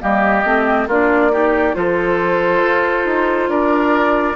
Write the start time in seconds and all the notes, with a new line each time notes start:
0.00 G3 A#3 G4 D#5
0.45 A3 C4
0.87 A#3 D4 F4 D5
1.32 D#4 G4
1.74 F3 F4 A4 C5
2.63 F4
3.06 D#4
3.49 D4 A#4 D5